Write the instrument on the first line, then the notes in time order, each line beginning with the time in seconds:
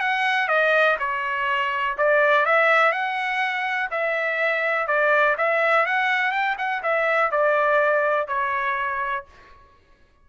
trumpet
0.00 F#5
0.48 D#5
1.00 C#5
1.98 D5
2.46 E5
2.92 F#5
3.91 E5
4.87 D5
5.38 E5
5.86 F#5
6.32 G5
6.58 F#5
6.83 E5
7.31 D5
8.28 C#5